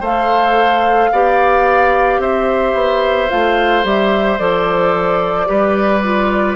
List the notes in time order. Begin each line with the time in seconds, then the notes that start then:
0.00 A3 A4 C5 F5
1.12 B3 G4 D5
2.18 C4 C5 E5
2.73 B3
3.28 A3 F4 F5
3.82 G3 G4 E5
4.38 F3 A4 D5
5.46 G3 G4 B4
6.03 F4